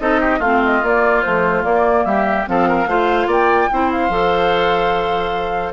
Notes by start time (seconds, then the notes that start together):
0.00 C4 D#4 A4 D#5
0.21 G4
0.39 A3 C4 F4 F5
0.65 D#5
0.83 A#3 D5
1.22 F3 A3 C5
1.63 A#3 D5
2.05 G3 G4 E5
2.46 F3 C4 A4 F5
2.68 A#4
2.87 A3 F4 C5
3.27 A#3 D5 G5
3.71 C4 E4 C5
3.92 F5
4.09 F3 A4